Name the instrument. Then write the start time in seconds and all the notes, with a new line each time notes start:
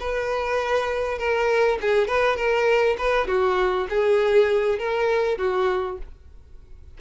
violin
0.00 B4
1.18 A#4
1.81 G#4
2.08 B4
2.36 A#4
2.98 B4
3.27 F#4
3.89 G#4
4.79 A#4
5.38 F#4